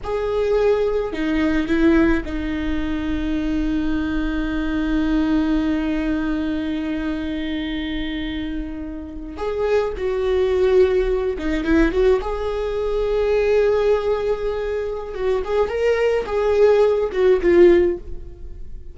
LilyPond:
\new Staff \with { instrumentName = "viola" } { \time 4/4 \tempo 4 = 107 gis'2 dis'4 e'4 | dis'1~ | dis'1~ | dis'1~ |
dis'8. gis'4 fis'2~ fis'16~ | fis'16 dis'8 e'8 fis'8 gis'2~ gis'16~ | gis'2. fis'8 gis'8 | ais'4 gis'4. fis'8 f'4 | }